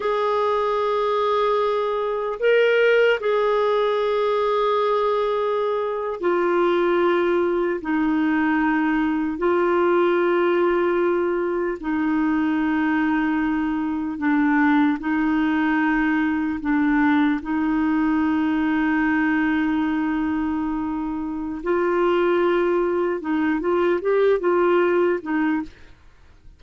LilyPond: \new Staff \with { instrumentName = "clarinet" } { \time 4/4 \tempo 4 = 75 gis'2. ais'4 | gis'2.~ gis'8. f'16~ | f'4.~ f'16 dis'2 f'16~ | f'2~ f'8. dis'4~ dis'16~ |
dis'4.~ dis'16 d'4 dis'4~ dis'16~ | dis'8. d'4 dis'2~ dis'16~ | dis'2. f'4~ | f'4 dis'8 f'8 g'8 f'4 dis'8 | }